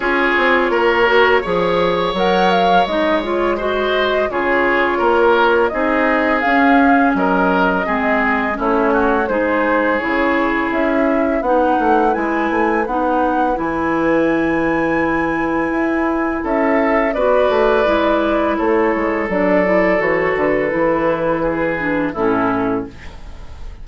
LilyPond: <<
  \new Staff \with { instrumentName = "flute" } { \time 4/4 \tempo 4 = 84 cis''2. fis''8 f''8 | dis''8 cis''8 dis''4 cis''2 | dis''4 f''4 dis''2 | cis''4 c''4 cis''4 e''4 |
fis''4 gis''4 fis''4 gis''4~ | gis''2. e''4 | d''2 cis''4 d''4 | cis''8 b'2~ b'8 a'4 | }
  \new Staff \with { instrumentName = "oboe" } { \time 4/4 gis'4 ais'4 cis''2~ | cis''4 c''4 gis'4 ais'4 | gis'2 ais'4 gis'4 | e'8 fis'8 gis'2. |
b'1~ | b'2. a'4 | b'2 a'2~ | a'2 gis'4 e'4 | }
  \new Staff \with { instrumentName = "clarinet" } { \time 4/4 f'4. fis'8 gis'4 ais'4 | dis'8 f'8 fis'4 f'2 | dis'4 cis'2 c'4 | cis'4 dis'4 e'2 |
dis'4 e'4 dis'4 e'4~ | e'1 | fis'4 e'2 d'8 e'8 | fis'4 e'4. d'8 cis'4 | }
  \new Staff \with { instrumentName = "bassoon" } { \time 4/4 cis'8 c'8 ais4 f4 fis4 | gis2 cis4 ais4 | c'4 cis'4 fis4 gis4 | a4 gis4 cis4 cis'4 |
b8 a8 gis8 a8 b4 e4~ | e2 e'4 cis'4 | b8 a8 gis4 a8 gis8 fis4 | e8 d8 e2 a,4 | }
>>